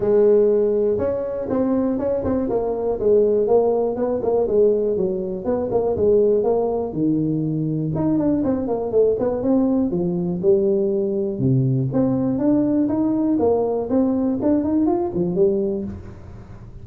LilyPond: \new Staff \with { instrumentName = "tuba" } { \time 4/4 \tempo 4 = 121 gis2 cis'4 c'4 | cis'8 c'8 ais4 gis4 ais4 | b8 ais8 gis4 fis4 b8 ais8 | gis4 ais4 dis2 |
dis'8 d'8 c'8 ais8 a8 b8 c'4 | f4 g2 c4 | c'4 d'4 dis'4 ais4 | c'4 d'8 dis'8 f'8 f8 g4 | }